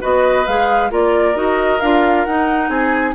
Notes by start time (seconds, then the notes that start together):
0.00 B3 F#4 B4 D#5
0.46 G#3 G#4 F5
0.90 A#3 F4 A#4 D5
1.34 D#4 F#4 D#5
1.80 D4 F4 F5
2.25 D#4 F#5
2.68 C4 G#4 G#5